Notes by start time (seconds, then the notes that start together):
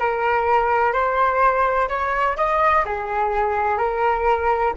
0.00 A#4
0.93 C5
1.89 C#5
2.37 D#5
2.85 G#4
3.78 A#4